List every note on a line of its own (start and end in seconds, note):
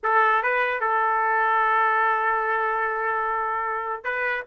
0.03 0.43 A4
0.43 0.80 B4
0.80 4.04 A4
4.04 4.44 B4